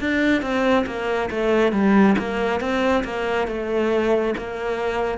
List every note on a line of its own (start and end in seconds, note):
0.00 0.42 D4
0.42 0.85 C4
0.87 1.30 A#3
1.30 1.72 A3
1.72 2.16 G3
2.19 2.60 A#3
2.60 3.04 C4
3.04 3.48 A#3
3.48 4.35 A3
4.38 5.18 A#3